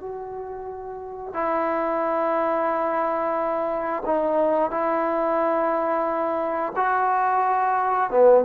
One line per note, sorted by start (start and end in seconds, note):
0.00 1.34 F#4
1.34 4.03 E4
4.06 4.71 D#4
4.71 6.73 E4
6.76 8.11 F#4
8.11 8.44 B3